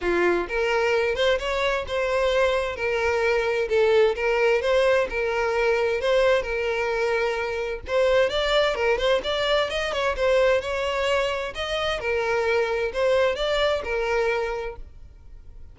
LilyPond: \new Staff \with { instrumentName = "violin" } { \time 4/4 \tempo 4 = 130 f'4 ais'4. c''8 cis''4 | c''2 ais'2 | a'4 ais'4 c''4 ais'4~ | ais'4 c''4 ais'2~ |
ais'4 c''4 d''4 ais'8 c''8 | d''4 dis''8 cis''8 c''4 cis''4~ | cis''4 dis''4 ais'2 | c''4 d''4 ais'2 | }